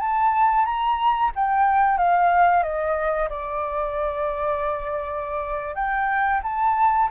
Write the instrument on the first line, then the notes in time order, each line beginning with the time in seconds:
flute
0.00 A5
0.66 A#5
1.36 G5
1.98 F5
2.63 D#5
3.30 D5
5.75 G5
6.43 A5